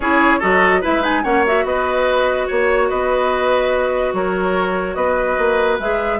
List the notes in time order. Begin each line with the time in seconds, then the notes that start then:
0.00 C#4 E4 G#4 C#5
0.39 F#3 F#4 A4 D#5
0.81 E4 B4 E5
0.87 G#3
1.02 D#4 G#5
1.23 A#3 C#4 C#5 F#5
1.46 F#4 E5
1.64 B3 B4 D#5
2.47 A#3 C#5
2.89 B3 B4 D#5
4.13 F#3 A#4 C#5
4.94 B3 B4 D#5
5.38 A#3
5.79 G#3 G#4 E5